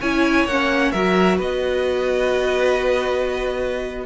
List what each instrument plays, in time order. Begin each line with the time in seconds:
0.00 cello C#4, viola E4, violin C#5 G#5
0.45 cello A#3, viola C#4, violin F#5
0.91 cello F#3, viola F#4, violin A#4 E5
1.37 cello B3, violin B4 D#5